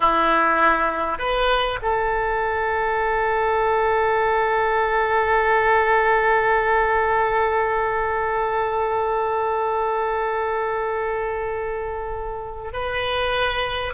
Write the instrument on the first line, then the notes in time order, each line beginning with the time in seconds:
oboe
0.00 E4
1.18 B4
1.82 A4
12.72 B4